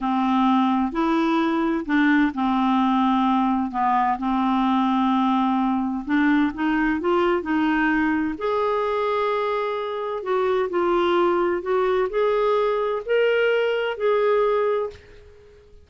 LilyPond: \new Staff \with { instrumentName = "clarinet" } { \time 4/4 \tempo 4 = 129 c'2 e'2 | d'4 c'2. | b4 c'2.~ | c'4 d'4 dis'4 f'4 |
dis'2 gis'2~ | gis'2 fis'4 f'4~ | f'4 fis'4 gis'2 | ais'2 gis'2 | }